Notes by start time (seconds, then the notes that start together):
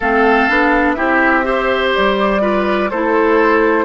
0.00 A3 C4 A4 F5
0.49 B3 D4
0.93 C4 E4 G4 E5
1.43 G4 C5
1.95 G3 D5
2.41 F4 B4
2.90 A3 E4 A4 C5